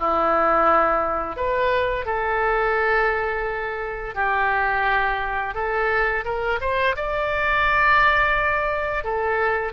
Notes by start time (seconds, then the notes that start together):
0.00 E4
1.37 B4
2.06 A4
4.15 G4
5.55 A4
6.25 A#4
6.62 C5
6.97 D5
9.05 A4